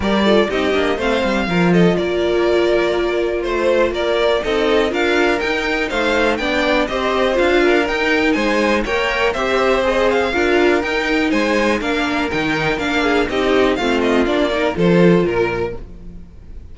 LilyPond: <<
  \new Staff \with { instrumentName = "violin" } { \time 4/4 \tempo 4 = 122 d''4 dis''4 f''4. dis''8 | d''2. c''4 | d''4 dis''4 f''4 g''4 | f''4 g''4 dis''4 f''4 |
g''4 gis''4 g''4 e''4 | dis''8 f''4. g''4 gis''4 | f''4 g''4 f''4 dis''4 | f''8 dis''8 d''4 c''4 ais'4 | }
  \new Staff \with { instrumentName = "violin" } { \time 4/4 ais'8 a'8 g'4 c''4 ais'8 a'8 | ais'2. c''4 | ais'4 a'4 ais'2 | c''4 d''4 c''4. ais'8~ |
ais'4 c''4 cis''4 c''4~ | c''4 ais'2 c''4 | ais'2~ ais'8 gis'8 g'4 | f'4. ais'8 a'4 ais'4 | }
  \new Staff \with { instrumentName = "viola" } { \time 4/4 g'8 f'8 dis'8 d'8 c'4 f'4~ | f'1~ | f'4 dis'4 f'4 dis'4~ | dis'4 d'4 g'4 f'4 |
dis'2 ais'4 g'4 | gis'4 f'4 dis'2 | d'4 dis'4 d'4 dis'4 | c'4 d'8 dis'8 f'2 | }
  \new Staff \with { instrumentName = "cello" } { \time 4/4 g4 c'8 ais8 a8 g8 f4 | ais2. a4 | ais4 c'4 d'4 dis'4 | a4 b4 c'4 d'4 |
dis'4 gis4 ais4 c'4~ | c'4 d'4 dis'4 gis4 | ais4 dis4 ais4 c'4 | a4 ais4 f4 ais,4 | }
>>